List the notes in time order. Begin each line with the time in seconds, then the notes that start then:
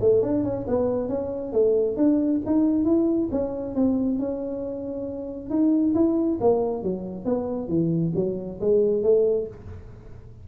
0.00 A3
0.22 D4
0.44 C#4
0.67 B3
1.08 C#4
1.53 A3
1.96 D4
2.45 D#4
2.85 E4
3.31 C#4
3.75 C4
4.19 C#4
5.50 D#4
5.94 E4
6.40 A#3
6.83 F#3
7.25 B3
7.68 E3
8.15 F#3
8.60 G#3
9.03 A3